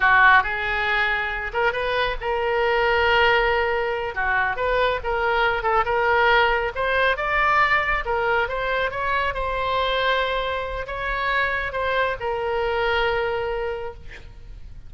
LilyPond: \new Staff \with { instrumentName = "oboe" } { \time 4/4 \tempo 4 = 138 fis'4 gis'2~ gis'8 ais'8 | b'4 ais'2.~ | ais'4. fis'4 b'4 ais'8~ | ais'4 a'8 ais'2 c''8~ |
c''8 d''2 ais'4 c''8~ | c''8 cis''4 c''2~ c''8~ | c''4 cis''2 c''4 | ais'1 | }